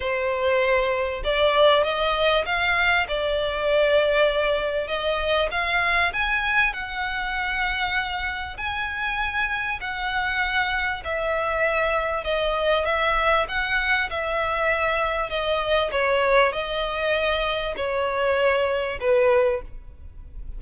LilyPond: \new Staff \with { instrumentName = "violin" } { \time 4/4 \tempo 4 = 98 c''2 d''4 dis''4 | f''4 d''2. | dis''4 f''4 gis''4 fis''4~ | fis''2 gis''2 |
fis''2 e''2 | dis''4 e''4 fis''4 e''4~ | e''4 dis''4 cis''4 dis''4~ | dis''4 cis''2 b'4 | }